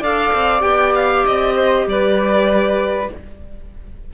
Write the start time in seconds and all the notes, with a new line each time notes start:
0.00 D4 A4 D5 F5
0.33 C4
0.60 B3 G4 G5
0.95 F5
1.26 C4 D#5
1.56 C5
1.86 G3 B4 D5